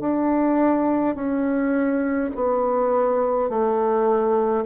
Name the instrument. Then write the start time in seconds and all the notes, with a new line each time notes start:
bassoon
0.00 D4
1.15 C#4
2.35 B3
3.49 A3